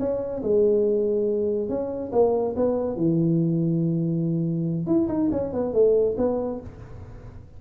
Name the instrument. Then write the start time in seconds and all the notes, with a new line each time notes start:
tuba
0.00 C#4
0.43 G#3
1.69 C#4
2.13 A#3
2.57 B3
2.97 E3
4.87 E4
5.09 D#4
5.32 C#4
5.53 B3
5.74 A3
6.18 B3